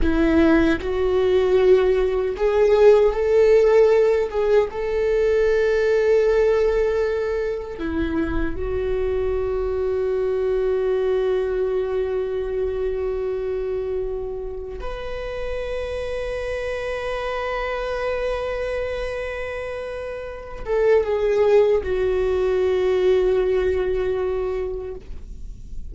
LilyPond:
\new Staff \with { instrumentName = "viola" } { \time 4/4 \tempo 4 = 77 e'4 fis'2 gis'4 | a'4. gis'8 a'2~ | a'2 e'4 fis'4~ | fis'1~ |
fis'2. b'4~ | b'1~ | b'2~ b'8 a'8 gis'4 | fis'1 | }